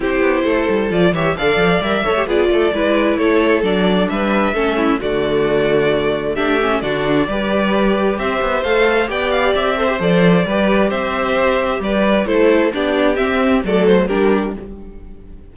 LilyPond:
<<
  \new Staff \with { instrumentName = "violin" } { \time 4/4 \tempo 4 = 132 c''2 d''8 e''8 f''4 | e''4 d''2 cis''4 | d''4 e''2 d''4~ | d''2 e''4 d''4~ |
d''2 e''4 f''4 | g''8 f''8 e''4 d''2 | e''2 d''4 c''4 | d''4 e''4 d''8 c''8 ais'4 | }
  \new Staff \with { instrumentName = "violin" } { \time 4/4 g'4 a'4. cis''8 d''4~ | d''8 cis''8 gis'8 a'8 b'4 a'4~ | a'4 b'4 a'8 e'8 fis'4~ | fis'2 g'4 fis'4 |
b'2 c''2 | d''4. c''4. b'4 | c''2 b'4 a'4 | g'2 a'4 g'4 | }
  \new Staff \with { instrumentName = "viola" } { \time 4/4 e'2 f'8 g'8 a'4 | ais'8 a'16 g'16 f'4 e'2 | d'2 cis'4 a4~ | a2 d'8 cis'8 d'4 |
g'2. a'4 | g'4. a'16 g'16 a'4 g'4~ | g'2. e'4 | d'4 c'4 a4 d'4 | }
  \new Staff \with { instrumentName = "cello" } { \time 4/4 c'8 b8 a8 g8 f8 e8 d8 f8 | g8 a8 b8 a8 gis4 a4 | fis4 g4 a4 d4~ | d2 a4 d4 |
g2 c'8 b8 a4 | b4 c'4 f4 g4 | c'2 g4 a4 | b4 c'4 fis4 g4 | }
>>